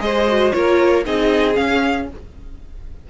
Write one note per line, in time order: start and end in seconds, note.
0.00 0.53 G#3
0.00 0.26 G#4
0.00 0.56 C5
0.00 0.53 D#5
0.28 0.54 F#4
0.53 1.07 A#3
0.53 1.05 F4
0.53 1.06 A#4
0.53 1.04 C#5
1.06 1.58 C4
1.06 1.55 D#4
1.06 2.09 G#4
1.06 1.56 D#5
1.55 2.06 C#4
1.55 2.10 C#4
1.55 2.08 F5